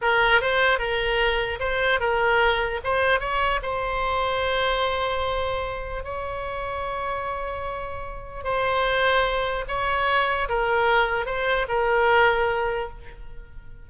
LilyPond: \new Staff \with { instrumentName = "oboe" } { \time 4/4 \tempo 4 = 149 ais'4 c''4 ais'2 | c''4 ais'2 c''4 | cis''4 c''2.~ | c''2. cis''4~ |
cis''1~ | cis''4 c''2. | cis''2 ais'2 | c''4 ais'2. | }